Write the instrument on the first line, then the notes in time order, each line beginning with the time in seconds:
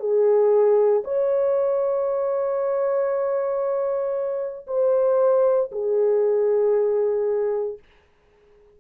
horn
0.00 G#4
1.05 C#5
4.68 C5
5.72 G#4